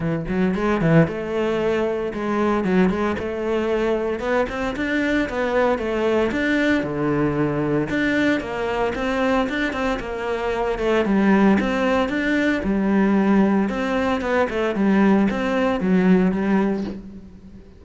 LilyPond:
\new Staff \with { instrumentName = "cello" } { \time 4/4 \tempo 4 = 114 e8 fis8 gis8 e8 a2 | gis4 fis8 gis8 a2 | b8 c'8 d'4 b4 a4 | d'4 d2 d'4 |
ais4 c'4 d'8 c'8 ais4~ | ais8 a8 g4 c'4 d'4 | g2 c'4 b8 a8 | g4 c'4 fis4 g4 | }